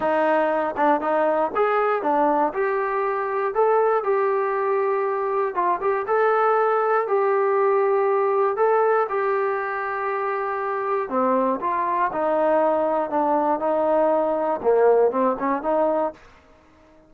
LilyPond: \new Staff \with { instrumentName = "trombone" } { \time 4/4 \tempo 4 = 119 dis'4. d'8 dis'4 gis'4 | d'4 g'2 a'4 | g'2. f'8 g'8 | a'2 g'2~ |
g'4 a'4 g'2~ | g'2 c'4 f'4 | dis'2 d'4 dis'4~ | dis'4 ais4 c'8 cis'8 dis'4 | }